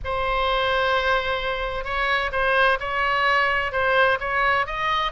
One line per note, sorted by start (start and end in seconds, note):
0.04 1.84 C5
1.84 2.30 C#5
2.32 2.78 C5
2.80 3.72 C#5
3.72 4.18 C5
4.20 4.66 C#5
4.66 5.11 D#5